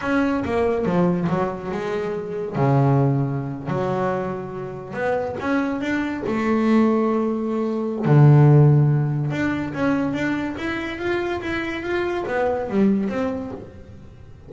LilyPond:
\new Staff \with { instrumentName = "double bass" } { \time 4/4 \tempo 4 = 142 cis'4 ais4 f4 fis4 | gis2 cis2~ | cis8. fis2. b16~ | b8. cis'4 d'4 a4~ a16~ |
a2. d4~ | d2 d'4 cis'4 | d'4 e'4 f'4 e'4 | f'4 b4 g4 c'4 | }